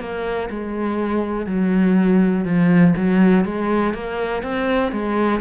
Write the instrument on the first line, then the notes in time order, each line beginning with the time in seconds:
cello
0.00 A#3
0.50 G#3
1.46 F#3
2.45 F3
2.96 F#3
3.45 G#3
3.94 A#3
4.43 C4
4.92 G#3